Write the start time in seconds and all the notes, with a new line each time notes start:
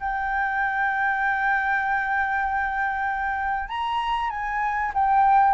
0.00 G5
3.69 A#5
4.30 G#5
4.94 G5